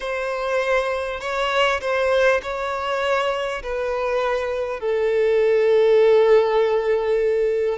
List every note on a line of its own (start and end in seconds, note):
0.00 1.20 C5
1.20 1.80 C#5
1.80 2.40 C5
2.42 3.62 C#5
3.62 4.80 B4
4.80 7.78 A4